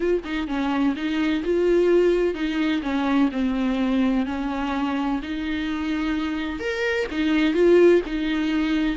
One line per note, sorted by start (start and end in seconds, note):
0.00 0.22 F4
0.24 0.47 D#4
0.47 0.94 C#4
0.96 1.43 D#4
1.44 2.34 F4
2.34 2.81 D#4
2.82 3.29 C#4
3.31 4.26 C4
4.26 5.20 C#4
5.22 6.59 D#4
6.59 7.07 A#4
7.11 7.54 D#4
7.54 8.01 F4
8.06 8.96 D#4